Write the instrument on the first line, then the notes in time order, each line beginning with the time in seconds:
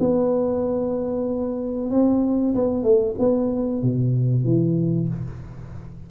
tuba
0.00 B3
1.91 C4
2.55 B3
2.83 A3
3.19 B3
3.83 B2
4.45 E3